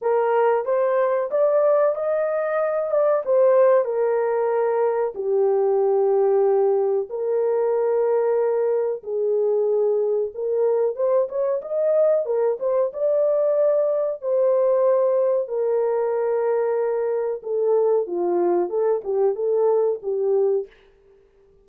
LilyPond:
\new Staff \with { instrumentName = "horn" } { \time 4/4 \tempo 4 = 93 ais'4 c''4 d''4 dis''4~ | dis''8 d''8 c''4 ais'2 | g'2. ais'4~ | ais'2 gis'2 |
ais'4 c''8 cis''8 dis''4 ais'8 c''8 | d''2 c''2 | ais'2. a'4 | f'4 a'8 g'8 a'4 g'4 | }